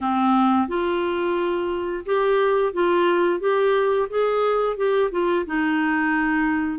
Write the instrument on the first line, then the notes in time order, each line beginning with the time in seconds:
clarinet
0.00 C4
0.68 F4
2.05 G4
2.73 F4
3.40 G4
4.09 G#4
4.76 G4
5.11 F4
5.46 D#4